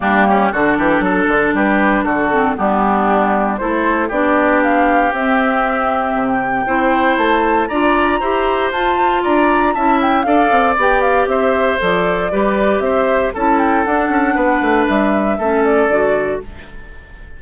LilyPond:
<<
  \new Staff \with { instrumentName = "flute" } { \time 4/4 \tempo 4 = 117 g'4 a'2 b'4 | a'4 g'2 c''4 | d''4 f''4 e''2~ | e''16 g''4.~ g''16 a''4 ais''4~ |
ais''4 a''4 ais''4 a''8 g''8 | f''4 g''8 f''8 e''4 d''4~ | d''4 e''4 a''8 g''8 fis''4~ | fis''4 e''4. d''4. | }
  \new Staff \with { instrumentName = "oboe" } { \time 4/4 d'8 cis'8 fis'8 g'8 a'4 g'4 | fis'4 d'2 a'4 | g'1~ | g'4 c''2 d''4 |
c''2 d''4 e''4 | d''2 c''2 | b'4 c''4 a'2 | b'2 a'2 | }
  \new Staff \with { instrumentName = "clarinet" } { \time 4/4 ais4 d'2.~ | d'8 c'8 b2 e'4 | d'2 c'2~ | c'4 e'2 f'4 |
g'4 f'2 e'4 | a'4 g'2 a'4 | g'2 e'4 d'4~ | d'2 cis'4 fis'4 | }
  \new Staff \with { instrumentName = "bassoon" } { \time 4/4 g4 d8 e8 fis8 d8 g4 | d4 g2 a4 | b2 c'2 | c4 c'4 a4 d'4 |
e'4 f'4 d'4 cis'4 | d'8 c'8 b4 c'4 f4 | g4 c'4 cis'4 d'8 cis'8 | b8 a8 g4 a4 d4 | }
>>